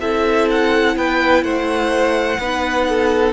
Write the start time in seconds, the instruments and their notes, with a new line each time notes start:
0.00 cello C4, viola E4, violin A4 E5
0.50 violin F#5
0.96 cello B3, violin B4 G5
1.42 cello A3, violin C5 F#5
2.39 cello B3, viola D#4, violin B4
2.88 violin A4